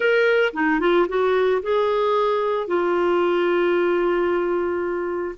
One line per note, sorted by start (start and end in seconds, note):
0.00 0.52 A#4
0.53 0.79 D#4
0.80 1.07 F4
1.08 1.62 F#4
1.62 2.67 G#4
2.67 5.35 F4